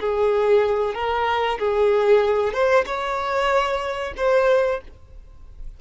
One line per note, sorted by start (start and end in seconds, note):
0.00 0.94 G#4
0.94 1.58 A#4
1.59 2.53 G#4
2.53 2.85 C5
2.86 4.14 C#5
4.17 4.81 C5